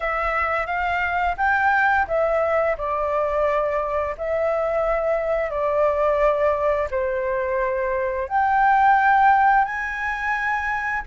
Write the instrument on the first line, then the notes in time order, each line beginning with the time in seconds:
flute
0.00 E5
0.66 F5
1.37 G5
2.07 E5
2.77 D5
4.17 E5
5.50 D5
6.90 C5
8.28 G5
9.64 G#5